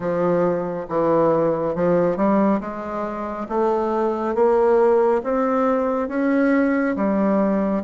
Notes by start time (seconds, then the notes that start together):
0.00 F3
0.89 E3
1.75 F3
2.16 G3
2.60 G#3
3.49 A3
4.34 A#3
5.23 C4
6.08 C#4
6.96 G3